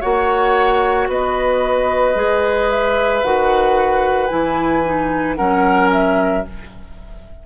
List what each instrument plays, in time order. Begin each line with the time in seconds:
0.00 bassoon A#3, clarinet F#4, oboe C#5, flute F#5
1.08 bassoon B3, oboe B4, flute D#5
2.15 bassoon G#3, clarinet G#4
2.70 flute E5
3.23 bassoon D#3, clarinet F#4, flute F#5
4.27 bassoon E3, clarinet E4, flute G#5
4.85 clarinet D#4
5.35 bassoon F#3, clarinet C#4, oboe A#4, flute F#5
5.92 flute E5